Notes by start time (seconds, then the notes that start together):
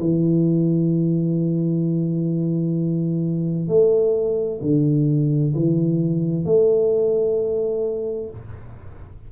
0.00 E3
3.69 A3
4.62 D3
5.55 E3
6.46 A3